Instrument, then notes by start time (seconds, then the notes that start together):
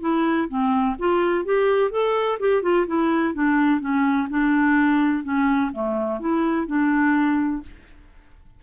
clarinet
0.00 E4
0.48 C4
0.99 F4
1.44 G4
1.90 A4
2.39 G4
2.62 F4
2.87 E4
3.34 D4
3.80 C#4
4.29 D4
5.23 C#4
5.72 A3
6.19 E4
6.67 D4